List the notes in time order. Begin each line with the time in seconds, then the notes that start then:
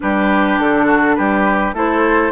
0.00 G3 D4 G4 B4
0.59 D3 A4
0.86 F#4
1.15 G3 G4 B4
1.73 A3 E4 A4 C5